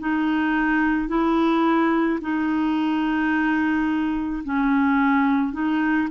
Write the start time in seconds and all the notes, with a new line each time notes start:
0.00 D#4
1.08 E4
2.21 D#4
4.44 C#4
5.53 D#4